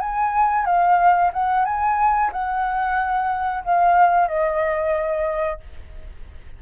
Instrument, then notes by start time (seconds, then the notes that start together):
flute
0.00 G#5
0.66 F5
1.33 F#5
1.65 G#5
2.32 F#5
3.64 F5
4.28 D#5